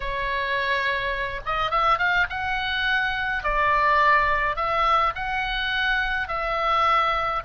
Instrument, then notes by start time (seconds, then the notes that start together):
oboe
0.00 C#5
1.45 D#5
1.70 E5
1.98 F5
2.29 F#5
3.43 D5
4.56 E5
5.15 F#5
6.28 E5